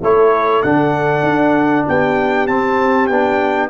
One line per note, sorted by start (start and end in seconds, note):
0.00 0.63 A3
0.00 0.63 E4
0.00 1.86 A4
0.00 0.62 C#5
0.62 1.22 D3
0.62 2.48 D4
0.62 1.86 F#5
1.22 1.84 D4
1.88 2.47 B3
1.88 3.69 G4
1.88 2.47 G5
2.47 3.09 C4
2.47 3.10 C4
2.47 3.07 A5
3.07 3.69 B3
3.07 3.69 D4
3.07 3.69 G5